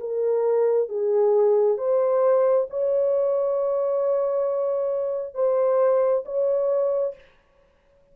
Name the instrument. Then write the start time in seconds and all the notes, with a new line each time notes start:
horn
0.00 A#4
0.89 G#4
1.77 C5
2.70 C#5
5.34 C5
6.25 C#5